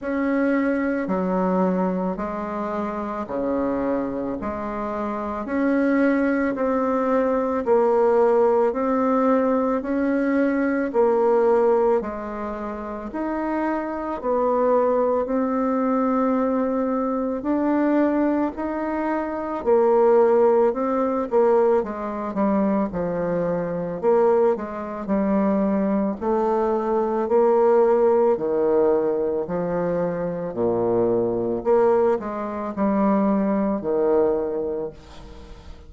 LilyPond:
\new Staff \with { instrumentName = "bassoon" } { \time 4/4 \tempo 4 = 55 cis'4 fis4 gis4 cis4 | gis4 cis'4 c'4 ais4 | c'4 cis'4 ais4 gis4 | dis'4 b4 c'2 |
d'4 dis'4 ais4 c'8 ais8 | gis8 g8 f4 ais8 gis8 g4 | a4 ais4 dis4 f4 | ais,4 ais8 gis8 g4 dis4 | }